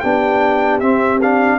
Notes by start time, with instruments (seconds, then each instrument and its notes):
0.00 tuba B3, trombone D4, horn G4, trumpet G5
0.80 trombone C4, tuba C4, trumpet E5
1.22 trombone D4, trumpet F5